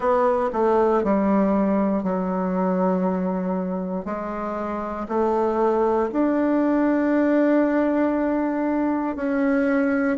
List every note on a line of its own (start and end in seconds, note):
0.00 0.50 B3
0.53 1.04 A3
1.04 2.03 G3
2.03 4.05 F#3
4.05 5.07 G#3
5.08 6.10 A3
6.12 9.15 D4
9.15 10.17 C#4